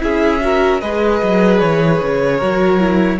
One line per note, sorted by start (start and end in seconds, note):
0.00 0.82 C#4
0.00 0.40 E4
0.00 0.43 G#4
0.00 0.81 E5
0.41 0.81 F#4
0.41 0.81 A#4
0.81 1.22 G#3
0.81 2.41 G#4
0.81 2.38 B4
0.81 1.60 D#5
1.22 1.62 F#3
1.60 2.02 E3
1.60 3.20 C#5
2.02 2.42 C#3
2.38 3.20 F#3
2.38 2.80 F#4
2.38 3.18 A#4
2.80 3.20 E4